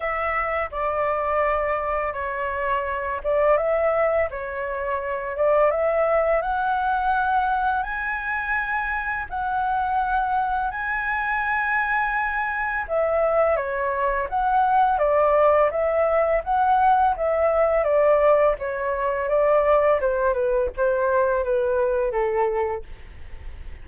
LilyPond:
\new Staff \with { instrumentName = "flute" } { \time 4/4 \tempo 4 = 84 e''4 d''2 cis''4~ | cis''8 d''8 e''4 cis''4. d''8 | e''4 fis''2 gis''4~ | gis''4 fis''2 gis''4~ |
gis''2 e''4 cis''4 | fis''4 d''4 e''4 fis''4 | e''4 d''4 cis''4 d''4 | c''8 b'8 c''4 b'4 a'4 | }